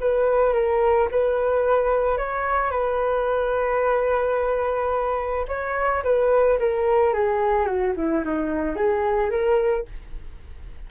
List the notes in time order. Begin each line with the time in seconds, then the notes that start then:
0.00 B4
0.53 A#4
1.11 B4
2.17 C#5
2.70 B4
5.48 C#5
6.04 B4
6.59 A#4
7.13 G#4
7.66 F#4
7.96 E4
8.24 D#4
8.76 G#4
9.30 A#4